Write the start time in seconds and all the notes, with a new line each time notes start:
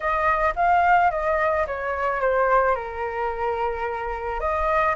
0.00 D#5
0.55 F5
1.10 D#5
1.66 C#5
2.20 C5
2.75 A#4
4.40 D#5